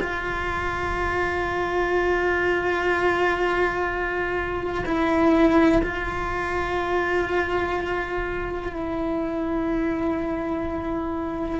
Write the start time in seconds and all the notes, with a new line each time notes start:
0.00 F4
4.85 E4
5.82 F4
8.72 E4